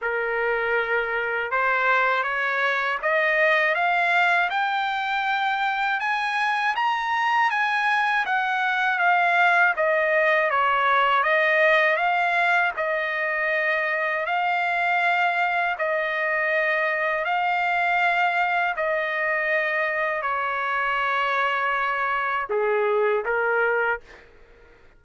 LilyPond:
\new Staff \with { instrumentName = "trumpet" } { \time 4/4 \tempo 4 = 80 ais'2 c''4 cis''4 | dis''4 f''4 g''2 | gis''4 ais''4 gis''4 fis''4 | f''4 dis''4 cis''4 dis''4 |
f''4 dis''2 f''4~ | f''4 dis''2 f''4~ | f''4 dis''2 cis''4~ | cis''2 gis'4 ais'4 | }